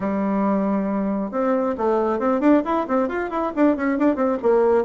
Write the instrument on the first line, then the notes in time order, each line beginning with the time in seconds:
bassoon
0.00 G3
1.31 C4
1.77 A3
2.19 C4
2.40 D4
2.65 E4
2.87 C4
3.08 F4
3.30 E4
3.55 D4
3.76 C#4
3.98 D4
4.15 C4
4.42 A#3